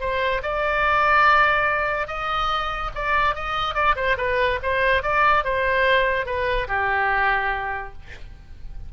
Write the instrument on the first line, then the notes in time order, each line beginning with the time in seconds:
oboe
0.00 C5
0.42 D5
2.07 D#5
2.95 D5
3.35 D#5
3.74 D5
3.96 C5
4.17 B4
4.63 C5
5.03 D5
5.44 C5
6.26 B4
6.68 G4